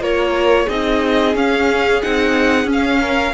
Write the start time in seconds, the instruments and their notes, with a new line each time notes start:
0.00 cello A#3, viola F4, violin A#4 C#5
0.66 cello C4, viola D#4, violin G#4 D#5
1.35 viola C#4, cello C#4, violin F5
2.02 cello C4, viola D#4, violin F#5
2.65 cello C#4, viola C#4
2.72 violin F5
3.01 violin A#4